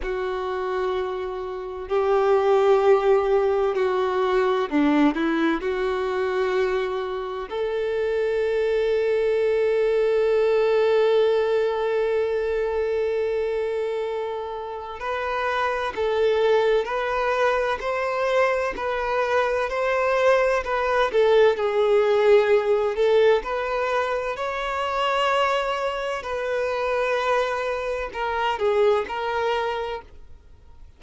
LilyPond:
\new Staff \with { instrumentName = "violin" } { \time 4/4 \tempo 4 = 64 fis'2 g'2 | fis'4 d'8 e'8 fis'2 | a'1~ | a'1 |
b'4 a'4 b'4 c''4 | b'4 c''4 b'8 a'8 gis'4~ | gis'8 a'8 b'4 cis''2 | b'2 ais'8 gis'8 ais'4 | }